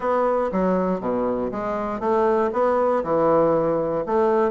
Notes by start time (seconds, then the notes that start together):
0.00 B3
0.52 F#3
1.00 B2
1.51 G#3
2.00 A3
2.52 B3
3.03 E3
4.06 A3